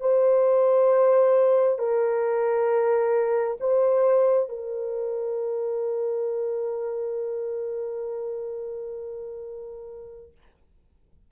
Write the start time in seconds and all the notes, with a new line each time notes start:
0.00 C5
1.78 A#4
3.60 C5
4.49 A#4